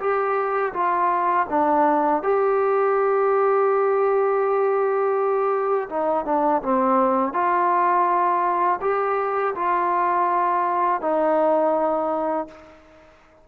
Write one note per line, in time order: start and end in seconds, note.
0.00 0.73 G4
0.73 1.46 F4
1.50 2.23 D4
2.23 5.89 G4
5.89 6.25 D#4
6.25 6.62 D4
6.63 7.33 C4
7.33 8.80 F4
8.81 9.55 G4
9.55 11.02 F4
11.02 12.48 D#4